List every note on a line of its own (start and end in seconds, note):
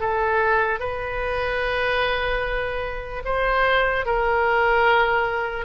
0.00 0.80 A4
0.80 3.23 B4
3.25 4.05 C5
4.05 5.65 A#4